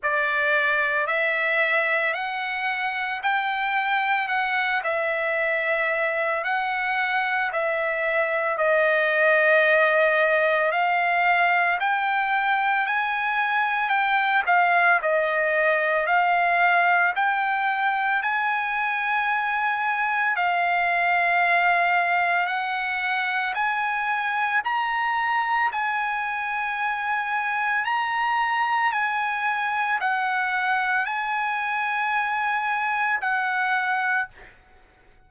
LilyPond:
\new Staff \with { instrumentName = "trumpet" } { \time 4/4 \tempo 4 = 56 d''4 e''4 fis''4 g''4 | fis''8 e''4. fis''4 e''4 | dis''2 f''4 g''4 | gis''4 g''8 f''8 dis''4 f''4 |
g''4 gis''2 f''4~ | f''4 fis''4 gis''4 ais''4 | gis''2 ais''4 gis''4 | fis''4 gis''2 fis''4 | }